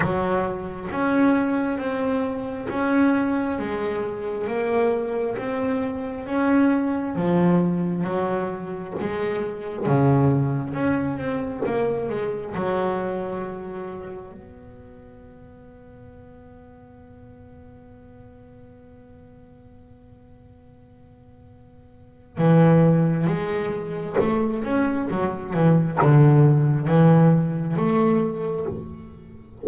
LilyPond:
\new Staff \with { instrumentName = "double bass" } { \time 4/4 \tempo 4 = 67 fis4 cis'4 c'4 cis'4 | gis4 ais4 c'4 cis'4 | f4 fis4 gis4 cis4 | cis'8 c'8 ais8 gis8 fis2 |
b1~ | b1~ | b4 e4 gis4 a8 cis'8 | fis8 e8 d4 e4 a4 | }